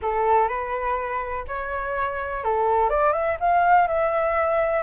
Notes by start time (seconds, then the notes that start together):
0.02 A4
0.48 B4
1.47 C#5
2.44 A4
2.89 D5
3.13 E5
3.39 F5
3.87 E5